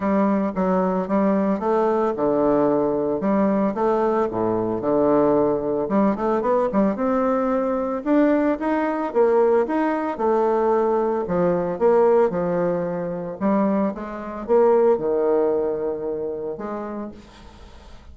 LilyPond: \new Staff \with { instrumentName = "bassoon" } { \time 4/4 \tempo 4 = 112 g4 fis4 g4 a4 | d2 g4 a4 | a,4 d2 g8 a8 | b8 g8 c'2 d'4 |
dis'4 ais4 dis'4 a4~ | a4 f4 ais4 f4~ | f4 g4 gis4 ais4 | dis2. gis4 | }